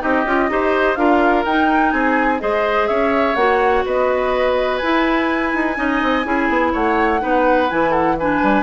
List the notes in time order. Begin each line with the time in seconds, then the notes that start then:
0.00 C4 D#4 G4 D#5
0.25 C#4 F4
0.49 D#4 G4 C5
0.96 D4 F4 A#4 F5
1.46 D#4 G5
1.92 C4 G#4 G#5
2.40 G#3 G#4 C5 D#5
2.88 C#4 C#5 E5
3.35 A#3 F#4 F#5
3.86 B3 B4 D#5
4.78 E4 G#5
5.54 D#4
5.75 C#4 D#4 D#5
6.03 C4
6.24 C#4 E4 G#4
6.49 B3
6.73 A3 C#5 F#5
7.20 B3 D#4 B4
7.70 E3 E4 G#5
7.91 A4 F#5
8.19 D4 B4 G#5
8.43 G3